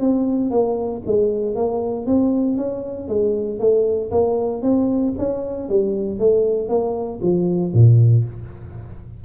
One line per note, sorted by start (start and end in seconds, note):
0.00 0.50 C4
0.50 1.02 A#3
1.06 1.55 G#3
1.55 2.06 A#3
2.06 2.57 C4
2.57 3.08 C#4
3.08 3.59 G#3
3.59 4.11 A3
4.11 4.62 A#3
4.62 5.14 C4
5.18 5.69 C#4
5.69 6.19 G3
6.19 6.69 A3
6.69 7.20 A#3
7.22 7.73 F3
7.73 8.25 A#2